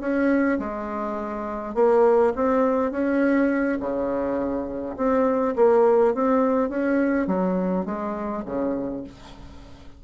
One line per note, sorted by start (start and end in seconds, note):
0.00 0.58 C#4
0.59 1.74 G#3
1.74 2.33 A#3
2.35 2.91 C4
2.91 3.78 C#4
3.79 4.96 C#3
4.96 5.55 C4
5.56 6.14 A#3
6.14 6.69 C4
6.69 7.27 C#4
7.27 7.85 F#3
7.85 8.43 G#3
8.45 9.03 C#3